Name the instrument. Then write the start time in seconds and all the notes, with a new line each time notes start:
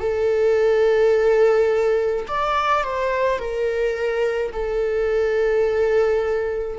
viola
0.00 A4
2.28 D5
2.84 C5
3.39 A#4
4.52 A4